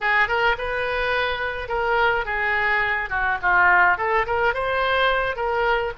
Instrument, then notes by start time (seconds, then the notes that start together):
oboe
0.00 G#4
0.28 A#4
0.58 B4
1.68 A#4
2.25 G#4
3.09 F#4
3.41 F4
3.97 A4
4.26 A#4
4.54 C5
5.36 A#4